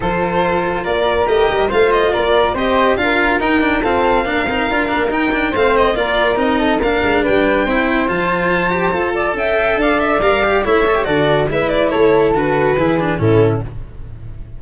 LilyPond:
<<
  \new Staff \with { instrumentName = "violin" } { \time 4/4 \tempo 4 = 141 c''2 d''4 dis''4 | f''8 dis''8 d''4 dis''4 f''4 | g''4 f''2. | g''4 f''8 dis''8 d''4 dis''4 |
f''4 g''2 a''4~ | a''2 g''4 f''8 e''8 | f''4 e''4 d''4 e''8 d''8 | cis''4 b'2 a'4 | }
  \new Staff \with { instrumentName = "flute" } { \time 4/4 a'2 ais'2 | c''4 ais'4 c''4 ais'4~ | ais'4 a'4 ais'2~ | ais'4 c''4 ais'4. a'8 |
ais'4 b'4 c''2~ | c''4. d''8 e''4 d''4~ | d''4 cis''4 a'4 b'4 | a'2 gis'4 e'4 | }
  \new Staff \with { instrumentName = "cello" } { \time 4/4 f'2. g'4 | f'2 g'4 f'4 | dis'8 d'8 c'4 d'8 dis'8 f'8 d'8 | dis'8 d'8 c'4 f'4 dis'4 |
d'2 e'4 f'4~ | f'8 g'8 a'2. | ais'8 g'8 e'8 a'16 g'16 fis'4 e'4~ | e'4 fis'4 e'8 d'8 cis'4 | }
  \new Staff \with { instrumentName = "tuba" } { \time 4/4 f2 ais4 a8 g8 | a4 ais4 c'4 d'4 | dis'4 f'4 ais8 c'8 d'8 ais8 | dis'4 a4 ais4 c'4 |
ais8 gis8 g4 c'4 f4~ | f4 f'4 cis'4 d'4 | g4 a4 d4 gis4 | a4 d4 e4 a,4 | }
>>